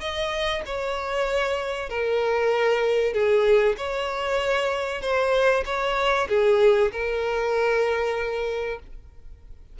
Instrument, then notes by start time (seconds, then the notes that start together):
violin
0.00 D#5
0.66 C#5
1.89 A#4
3.13 G#4
3.77 C#5
5.01 C5
5.65 C#5
6.29 G#4
6.91 A#4